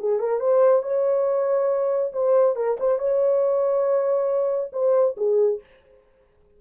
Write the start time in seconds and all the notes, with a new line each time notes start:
0.00 G#4
0.20 A#4
0.40 C5
0.83 C#5
2.13 C5
2.56 A#4
2.80 C5
2.99 C#5
4.73 C5
5.18 G#4